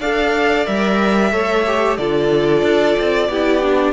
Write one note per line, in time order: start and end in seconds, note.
0.00 0.66 D4
0.00 0.66 A4
0.00 1.32 D5
0.00 0.66 F5
0.66 1.33 G3
0.66 1.31 A#4
0.66 1.97 E5
1.31 1.98 A3
1.31 1.64 A4
1.31 1.98 C#5
1.67 1.99 G4
1.97 2.62 D3
1.97 3.31 F4
1.97 3.30 A4
1.97 3.93 D5
2.62 2.95 D4
2.99 3.29 C4
3.29 3.93 B3
3.29 3.62 E4
3.29 3.93 G4
3.62 3.93 D4